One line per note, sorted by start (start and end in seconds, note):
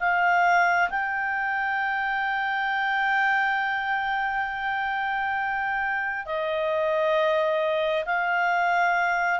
0.00 0.90 F5
0.90 6.26 G5
6.26 8.05 D#5
8.06 9.40 F5